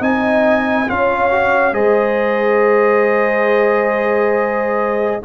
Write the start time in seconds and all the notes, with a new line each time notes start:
0.00 C4 D#4 D#5 G#5
0.88 C#4 F4 C#5 F5
1.31 F#4
1.72 G#3 G#4 C5 D#5